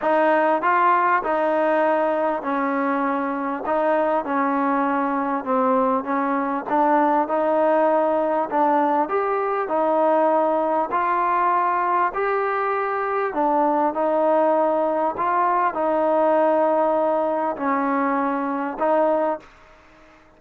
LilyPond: \new Staff \with { instrumentName = "trombone" } { \time 4/4 \tempo 4 = 99 dis'4 f'4 dis'2 | cis'2 dis'4 cis'4~ | cis'4 c'4 cis'4 d'4 | dis'2 d'4 g'4 |
dis'2 f'2 | g'2 d'4 dis'4~ | dis'4 f'4 dis'2~ | dis'4 cis'2 dis'4 | }